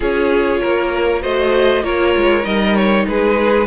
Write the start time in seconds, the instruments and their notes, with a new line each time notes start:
0.00 cello C#4, viola F4, violin G#4 C#5
0.60 cello A#3, violin A#4
1.21 cello A3, viola F#4, violin C5 D#5
1.82 cello A#3, viola F4, violin A#4 C#5
2.16 cello G#3
2.43 cello G3, viola D#4, violin D#5
2.75 violin C#5
3.07 cello G#3, violin G#4 B4